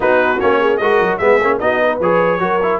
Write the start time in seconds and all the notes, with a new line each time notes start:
0.00 B3 D#4 F#4 B4
0.40 A#3 C#4 C#5
0.60 G#4
0.77 G#3 F#4 A#4 D#5
1.00 F#3
1.17 G#3 B3 G#4 E5
1.40 A#3 C#4
1.59 B3 D#4 F#4 D#5
1.81 B4
2.00 F3 G#4 C#5
2.39 F#3 F#4 A#4
2.62 E4